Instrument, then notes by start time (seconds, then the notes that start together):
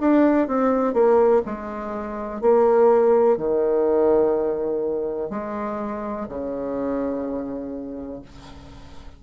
bassoon
0.00 D4
0.48 C4
0.94 A#3
1.46 G#3
2.41 A#3
3.37 D#3
5.30 G#3
6.29 C#3